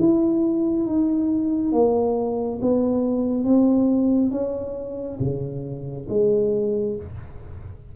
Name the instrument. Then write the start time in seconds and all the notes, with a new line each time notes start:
tuba
0.00 E4
0.87 D#4
1.73 A#3
2.62 B3
3.45 C4
4.32 C#4
5.21 C#3
6.09 G#3